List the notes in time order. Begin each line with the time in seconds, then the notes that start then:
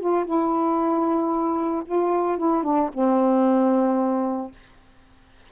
0.00 F4
0.25 E4
1.85 F4
2.38 E4
2.63 D4
2.93 C4